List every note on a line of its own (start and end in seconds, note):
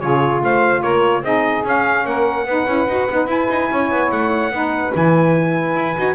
0.00 0.42 C#3
0.00 1.23 F4
0.00 0.43 G#4
0.00 0.42 C#5
0.42 0.83 A3
0.42 0.81 C5
0.42 0.83 F5
0.81 1.22 A#3
0.81 1.22 A#4
0.81 1.24 C#5
1.22 1.63 C4
1.22 1.64 D#4
1.22 2.05 G#4
1.22 1.66 D#5
1.64 2.46 C#4
1.64 2.05 C#4
1.64 2.07 F5
2.05 2.46 A#3
2.05 2.46 A#4
2.05 3.30 F#5
2.46 2.66 B3
2.46 2.68 D#4
2.46 3.71 B4
2.67 2.87 C#4
2.67 2.88 E4
2.88 3.08 D#4
2.88 3.10 F#4
3.10 3.27 B3
3.10 3.28 D#4
3.27 3.48 E4
3.27 4.51 E4
3.27 4.12 G#5
3.50 3.70 D#4
3.71 3.91 C#4
3.71 4.53 C#5
3.91 4.12 B3
4.12 4.51 A3
4.12 4.94 F#5
4.51 4.92 B3
4.51 4.94 D#4
4.51 6.15 B4
4.95 5.76 E3
4.95 5.97 E4
4.95 6.15 G#5
5.76 5.97 E4
5.97 6.15 D#4
5.97 6.15 F#4